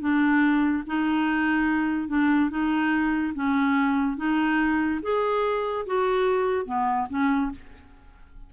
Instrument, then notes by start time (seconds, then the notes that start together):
clarinet
0.00 D4
0.86 D#4
2.08 D4
2.50 D#4
3.34 C#4
4.17 D#4
5.02 G#4
5.86 F#4
6.65 B3
7.09 C#4